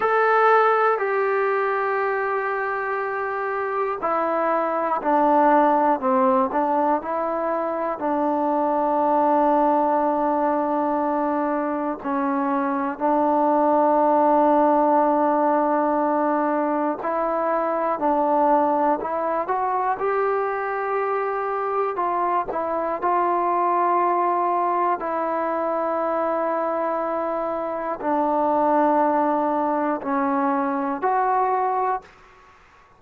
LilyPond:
\new Staff \with { instrumentName = "trombone" } { \time 4/4 \tempo 4 = 60 a'4 g'2. | e'4 d'4 c'8 d'8 e'4 | d'1 | cis'4 d'2.~ |
d'4 e'4 d'4 e'8 fis'8 | g'2 f'8 e'8 f'4~ | f'4 e'2. | d'2 cis'4 fis'4 | }